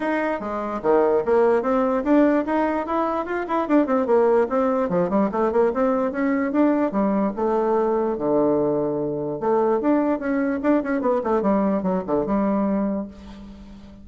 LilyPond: \new Staff \with { instrumentName = "bassoon" } { \time 4/4 \tempo 4 = 147 dis'4 gis4 dis4 ais4 | c'4 d'4 dis'4 e'4 | f'8 e'8 d'8 c'8 ais4 c'4 | f8 g8 a8 ais8 c'4 cis'4 |
d'4 g4 a2 | d2. a4 | d'4 cis'4 d'8 cis'8 b8 a8 | g4 fis8 d8 g2 | }